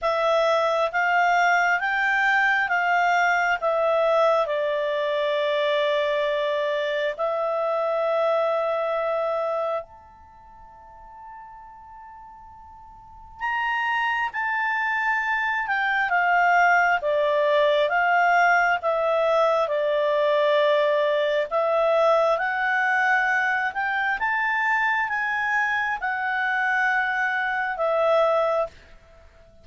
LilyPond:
\new Staff \with { instrumentName = "clarinet" } { \time 4/4 \tempo 4 = 67 e''4 f''4 g''4 f''4 | e''4 d''2. | e''2. a''4~ | a''2. ais''4 |
a''4. g''8 f''4 d''4 | f''4 e''4 d''2 | e''4 fis''4. g''8 a''4 | gis''4 fis''2 e''4 | }